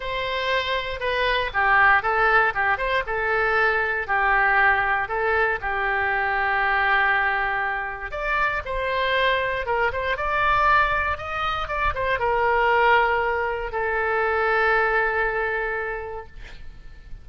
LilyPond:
\new Staff \with { instrumentName = "oboe" } { \time 4/4 \tempo 4 = 118 c''2 b'4 g'4 | a'4 g'8 c''8 a'2 | g'2 a'4 g'4~ | g'1 |
d''4 c''2 ais'8 c''8 | d''2 dis''4 d''8 c''8 | ais'2. a'4~ | a'1 | }